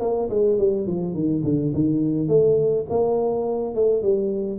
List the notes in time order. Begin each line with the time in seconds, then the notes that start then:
0.00 A#3
0.29 G#3
0.58 G3
0.87 F3
1.14 D#3
1.44 D3
1.74 D#3
2.28 A3
2.89 A#3
3.74 A3
4.02 G3